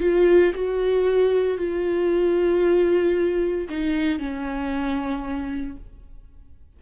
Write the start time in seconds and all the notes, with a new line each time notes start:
0.00 F4
0.55 F#4
1.58 F4
3.69 D#4
4.19 C#4